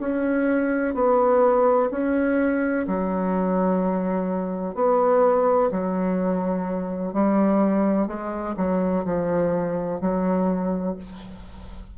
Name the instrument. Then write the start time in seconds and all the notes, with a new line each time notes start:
bassoon
0.00 C#4
0.94 B3
1.91 C#4
2.87 F#3
4.75 B3
5.71 F#3
7.13 G3
8.07 G#3
8.57 F#3
9.05 F3
10.01 F#3